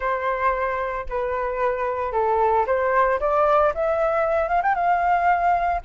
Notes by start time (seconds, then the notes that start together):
0.00 C5
1.09 B4
2.12 A4
2.66 C5
3.20 D5
3.74 E5
4.48 F5
4.62 G5
4.74 F5